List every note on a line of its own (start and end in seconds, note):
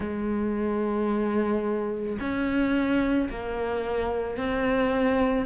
0.00 2.18 G#3
2.20 3.29 C#4
3.30 4.37 A#3
4.37 5.45 C4